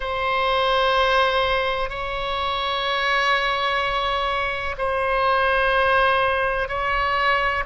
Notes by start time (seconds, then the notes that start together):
0.00 C5
1.89 C#5
4.78 C5
6.68 C#5